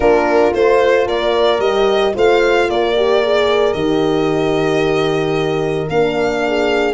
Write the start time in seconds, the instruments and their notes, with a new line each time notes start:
0.00 tuba A#3, horn D4 F4, violin A#4
0.53 tuba A3, horn F4, violin C5
1.06 tuba A#3, horn A#4, violin D5
1.59 tuba G3, horn G4, violin D#5
2.14 tuba A3, horn F4 C5, violin F5
2.69 tuba A#3, horn A#4, violin D5
2.96 horn G4
3.23 horn G#4
3.73 tuba D#3, horn G4, violin D#5
5.89 tuba A#3, horn D4, violin F5
6.47 horn G#4